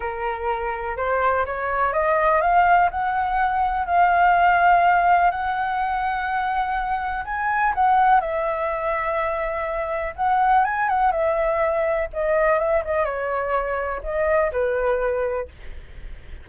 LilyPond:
\new Staff \with { instrumentName = "flute" } { \time 4/4 \tempo 4 = 124 ais'2 c''4 cis''4 | dis''4 f''4 fis''2 | f''2. fis''4~ | fis''2. gis''4 |
fis''4 e''2.~ | e''4 fis''4 gis''8 fis''8 e''4~ | e''4 dis''4 e''8 dis''8 cis''4~ | cis''4 dis''4 b'2 | }